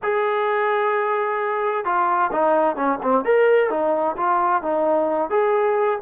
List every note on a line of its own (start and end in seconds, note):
0.02 1.84 G#4
1.84 2.31 F4
2.32 2.75 D#4
2.75 2.99 C#4
3.02 3.24 C4
3.24 3.70 A#4
3.70 4.16 D#4
4.16 4.62 F4
4.62 5.30 D#4
5.30 5.99 G#4